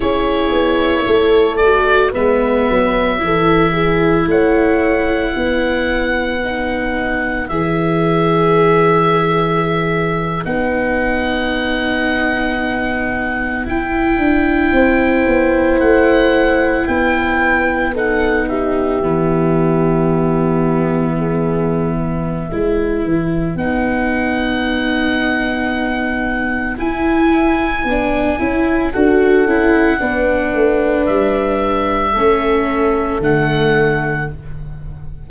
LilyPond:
<<
  \new Staff \with { instrumentName = "oboe" } { \time 4/4 \tempo 4 = 56 cis''4. d''8 e''2 | fis''2. e''4~ | e''4.~ e''16 fis''2~ fis''16~ | fis''8. g''2 fis''4 g''16~ |
g''8. fis''8 e''2~ e''8.~ | e''2 fis''2~ | fis''4 gis''2 fis''4~ | fis''4 e''2 fis''4 | }
  \new Staff \with { instrumentName = "horn" } { \time 4/4 gis'4 a'4 b'4 a'8 gis'8 | cis''4 b'2.~ | b'1~ | b'4.~ b'16 c''2 b'16~ |
b'8. a'8 g'2~ g'8 gis'16~ | gis'8 b'2.~ b'8~ | b'2. a'4 | b'2 a'2 | }
  \new Staff \with { instrumentName = "viola" } { \time 4/4 e'4. fis'8 b4 e'4~ | e'2 dis'4 gis'4~ | gis'4.~ gis'16 dis'2~ dis'16~ | dis'8. e'2.~ e'16~ |
e'8. dis'4 b2~ b16~ | b4 e'4 dis'2~ | dis'4 e'4 d'8 e'8 fis'8 e'8 | d'2 cis'4 a4 | }
  \new Staff \with { instrumentName = "tuba" } { \time 4/4 cis'8 b8 a4 gis8 fis8 e4 | a4 b2 e4~ | e4.~ e16 b2~ b16~ | b8. e'8 d'8 c'8 b8 a4 b16~ |
b4.~ b16 e2~ e16~ | e4 gis8 e8 b2~ | b4 e'4 b8 cis'8 d'8 cis'8 | b8 a8 g4 a4 d4 | }
>>